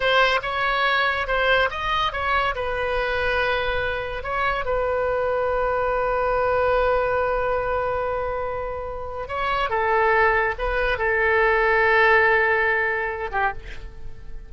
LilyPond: \new Staff \with { instrumentName = "oboe" } { \time 4/4 \tempo 4 = 142 c''4 cis''2 c''4 | dis''4 cis''4 b'2~ | b'2 cis''4 b'4~ | b'1~ |
b'1~ | b'2 cis''4 a'4~ | a'4 b'4 a'2~ | a'2.~ a'8 g'8 | }